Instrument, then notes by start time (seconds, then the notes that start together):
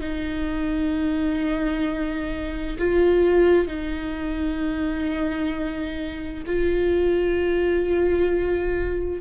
viola
0.00 D#4
2.78 F4
3.67 D#4
6.46 F4